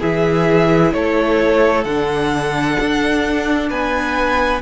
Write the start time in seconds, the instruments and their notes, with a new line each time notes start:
0.00 cello E3, viola E4, violin G#4 E5
0.93 cello A3, violin A4 C#5
1.84 cello D3, viola D4, violin F#5
2.80 cello D4
3.70 cello B3, violin B4 G#5